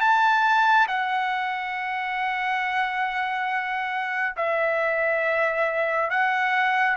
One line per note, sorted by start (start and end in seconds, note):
0.00 0.87 A5
0.88 4.36 F#5
4.37 6.10 E5
6.10 6.97 F#5